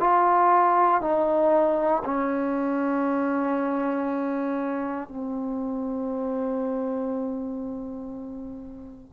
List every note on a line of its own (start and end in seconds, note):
0.00 1.02 F4
1.02 2.03 D#4
2.05 5.08 C#4
5.08 9.13 C4